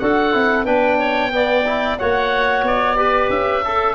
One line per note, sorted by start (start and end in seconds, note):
0.00 0.35 D4
0.00 0.33 F#4
0.00 0.65 A4
0.00 0.66 F#5
0.33 0.66 C4
0.33 0.66 E4
0.65 1.98 B3
0.65 1.32 D4
0.65 0.98 B4
0.65 1.98 G5
0.99 1.32 C#5
1.32 1.65 B3
1.32 2.00 D5
1.66 1.99 E4
1.99 2.63 A#3
1.99 2.97 F#4
1.99 2.98 C#5
1.99 2.65 F#5
2.63 3.29 B3
2.63 3.31 D5
2.97 3.63 G4
2.97 3.64 B4
3.30 3.96 C#4
3.30 3.96 E5
3.65 3.96 A4